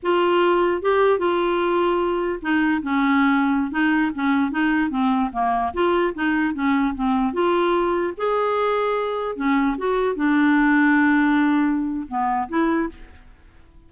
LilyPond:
\new Staff \with { instrumentName = "clarinet" } { \time 4/4 \tempo 4 = 149 f'2 g'4 f'4~ | f'2 dis'4 cis'4~ | cis'4~ cis'16 dis'4 cis'4 dis'8.~ | dis'16 c'4 ais4 f'4 dis'8.~ |
dis'16 cis'4 c'4 f'4.~ f'16~ | f'16 gis'2. cis'8.~ | cis'16 fis'4 d'2~ d'8.~ | d'2 b4 e'4 | }